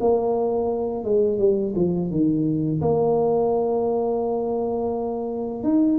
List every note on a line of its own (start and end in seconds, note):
0.00 1.04 A#3
1.04 1.38 G#3
1.38 1.74 G3
1.75 2.10 F3
2.10 2.81 D#3
2.81 5.63 A#3
5.63 5.98 D#4